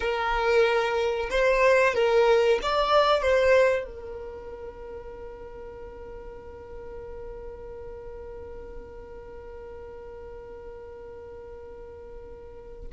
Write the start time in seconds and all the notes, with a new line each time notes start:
0.00 A#4
1.30 C5
1.94 A#4
2.62 D5
3.22 C5
3.84 A#4